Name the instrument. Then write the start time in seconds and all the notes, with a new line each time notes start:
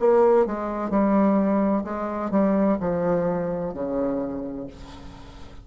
bassoon
0.00 A#3
0.46 G#3
0.90 G3
1.84 G#3
2.31 G3
2.80 F3
3.74 C#3